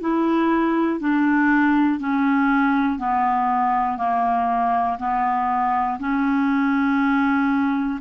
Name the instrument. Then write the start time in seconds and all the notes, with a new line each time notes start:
clarinet
0.00 E4
1.00 D4
1.99 C#4
2.98 B3
3.97 A#3
4.99 B3
6.00 C#4